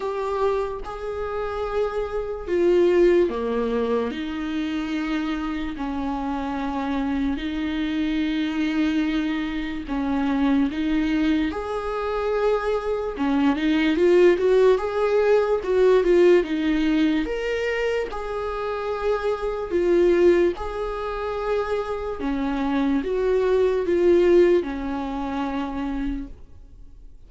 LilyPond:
\new Staff \with { instrumentName = "viola" } { \time 4/4 \tempo 4 = 73 g'4 gis'2 f'4 | ais4 dis'2 cis'4~ | cis'4 dis'2. | cis'4 dis'4 gis'2 |
cis'8 dis'8 f'8 fis'8 gis'4 fis'8 f'8 | dis'4 ais'4 gis'2 | f'4 gis'2 cis'4 | fis'4 f'4 cis'2 | }